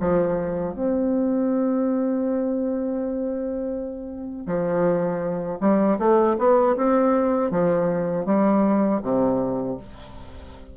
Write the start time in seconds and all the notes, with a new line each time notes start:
0.00 F3
0.74 C4
4.47 F3
5.61 G3
5.99 A3
6.39 B3
6.77 C4
7.51 F3
8.26 G3
9.03 C3